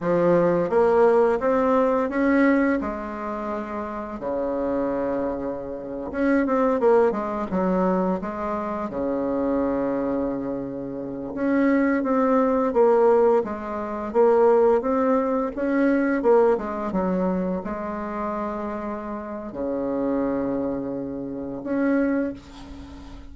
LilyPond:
\new Staff \with { instrumentName = "bassoon" } { \time 4/4 \tempo 4 = 86 f4 ais4 c'4 cis'4 | gis2 cis2~ | cis8. cis'8 c'8 ais8 gis8 fis4 gis16~ | gis8. cis2.~ cis16~ |
cis16 cis'4 c'4 ais4 gis8.~ | gis16 ais4 c'4 cis'4 ais8 gis16~ | gis16 fis4 gis2~ gis8. | cis2. cis'4 | }